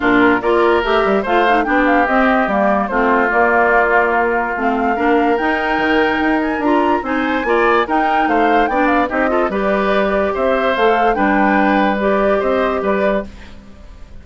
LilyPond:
<<
  \new Staff \with { instrumentName = "flute" } { \time 4/4 \tempo 4 = 145 ais'4 d''4 e''4 f''4 | g''8 f''8 dis''4 d''4 c''4 | d''2 ais'4 f''4~ | f''4 g''2~ g''8 gis''8 |
ais''4 gis''2 g''4 | f''4 g''8 f''8 dis''4 d''4~ | d''4 e''4 f''4 g''4~ | g''4 d''4 dis''4 d''4 | }
  \new Staff \with { instrumentName = "oboe" } { \time 4/4 f'4 ais'2 c''4 | g'2. f'4~ | f'1 | ais'1~ |
ais'4 c''4 d''4 ais'4 | c''4 d''4 g'8 a'8 b'4~ | b'4 c''2 b'4~ | b'2 c''4 b'4 | }
  \new Staff \with { instrumentName = "clarinet" } { \time 4/4 d'4 f'4 g'4 f'8 dis'8 | d'4 c'4 ais4 c'4 | ais2. c'4 | d'4 dis'2. |
f'4 dis'4 f'4 dis'4~ | dis'4 d'4 dis'8 f'8 g'4~ | g'2 a'4 d'4~ | d'4 g'2. | }
  \new Staff \with { instrumentName = "bassoon" } { \time 4/4 ais,4 ais4 a8 g8 a4 | b4 c'4 g4 a4 | ais2. a4 | ais4 dis'4 dis4 dis'4 |
d'4 c'4 ais4 dis'4 | a4 b4 c'4 g4~ | g4 c'4 a4 g4~ | g2 c'4 g4 | }
>>